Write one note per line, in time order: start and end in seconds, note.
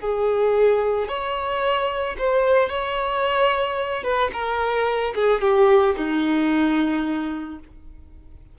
0.00 1.08 G#4
1.08 2.16 C#5
2.18 2.69 C5
2.69 4.03 C#5
4.03 4.30 B4
4.33 5.14 A#4
5.15 5.41 G#4
5.41 5.95 G4
5.97 7.59 D#4